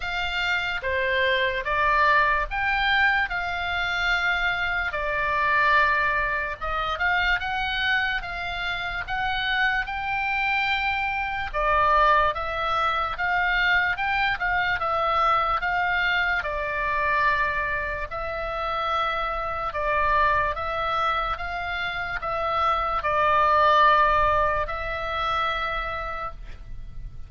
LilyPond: \new Staff \with { instrumentName = "oboe" } { \time 4/4 \tempo 4 = 73 f''4 c''4 d''4 g''4 | f''2 d''2 | dis''8 f''8 fis''4 f''4 fis''4 | g''2 d''4 e''4 |
f''4 g''8 f''8 e''4 f''4 | d''2 e''2 | d''4 e''4 f''4 e''4 | d''2 e''2 | }